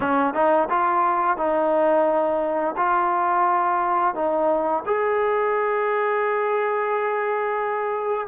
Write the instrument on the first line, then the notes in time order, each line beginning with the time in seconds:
trombone
0.00 C#4
0.34 D#4
0.69 F4
1.37 D#4
2.76 F4
4.14 D#4
4.86 G#4